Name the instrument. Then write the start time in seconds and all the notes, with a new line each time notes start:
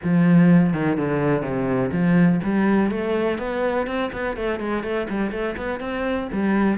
cello
0.03 F3
0.73 D#3
0.97 D3
1.42 C3
1.92 F3
2.43 G3
2.90 A3
3.38 B3
3.86 C4
4.12 B3
4.36 A3
4.59 G#3
4.83 A3
5.09 G3
5.31 A3
5.56 B3
5.80 C4
6.32 G3